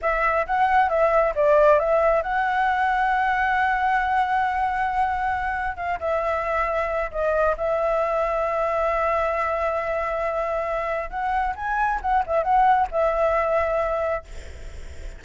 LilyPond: \new Staff \with { instrumentName = "flute" } { \time 4/4 \tempo 4 = 135 e''4 fis''4 e''4 d''4 | e''4 fis''2.~ | fis''1~ | fis''4 f''8 e''2~ e''8 |
dis''4 e''2.~ | e''1~ | e''4 fis''4 gis''4 fis''8 e''8 | fis''4 e''2. | }